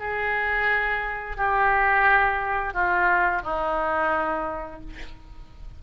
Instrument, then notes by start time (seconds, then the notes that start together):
oboe
0.00 G#4
1.37 G4
2.74 F4
3.43 D#4